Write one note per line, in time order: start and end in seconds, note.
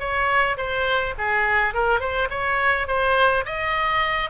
0.00 0.57 C#5
0.57 1.15 C5
1.18 1.75 G#4
1.75 2.00 A#4
2.00 2.29 C5
2.30 2.88 C#5
2.88 3.45 C5
3.46 4.30 D#5